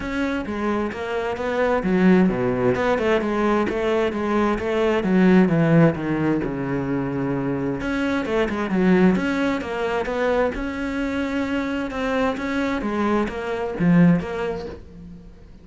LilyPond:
\new Staff \with { instrumentName = "cello" } { \time 4/4 \tempo 4 = 131 cis'4 gis4 ais4 b4 | fis4 b,4 b8 a8 gis4 | a4 gis4 a4 fis4 | e4 dis4 cis2~ |
cis4 cis'4 a8 gis8 fis4 | cis'4 ais4 b4 cis'4~ | cis'2 c'4 cis'4 | gis4 ais4 f4 ais4 | }